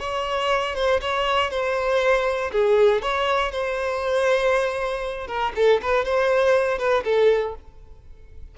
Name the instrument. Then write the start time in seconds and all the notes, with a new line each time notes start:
violin
0.00 C#5
0.76 C5
1.02 C#5
1.51 C5
2.52 G#4
3.02 C#5
3.52 C5
5.27 A#4
5.56 A4
5.82 B4
6.05 C5
6.78 B4
7.05 A4